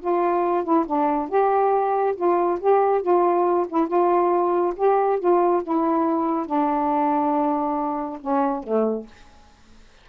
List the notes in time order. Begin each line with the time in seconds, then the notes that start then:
0.00 F4
0.64 E4
0.86 D4
1.29 G4
2.16 F4
2.60 G4
3.02 F4
3.69 E4
3.87 F4
4.76 G4
5.19 F4
5.63 E4
6.46 D4
8.21 C#4
8.64 A3